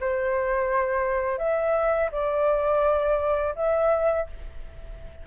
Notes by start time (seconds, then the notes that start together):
0.00 C5
1.38 E5
2.12 D5
3.55 E5